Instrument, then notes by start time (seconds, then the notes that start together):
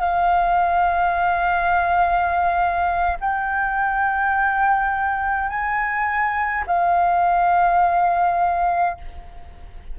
flute
0.00 F5
3.20 G5
5.49 G#5
6.67 F5